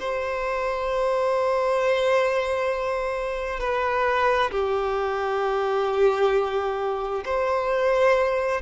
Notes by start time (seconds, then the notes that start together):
0.00 C5
3.60 B4
4.51 G4
7.25 C5